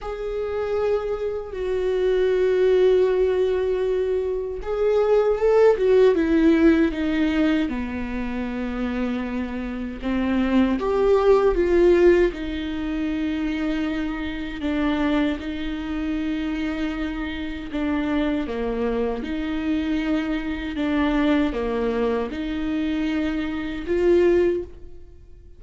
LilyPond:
\new Staff \with { instrumentName = "viola" } { \time 4/4 \tempo 4 = 78 gis'2 fis'2~ | fis'2 gis'4 a'8 fis'8 | e'4 dis'4 b2~ | b4 c'4 g'4 f'4 |
dis'2. d'4 | dis'2. d'4 | ais4 dis'2 d'4 | ais4 dis'2 f'4 | }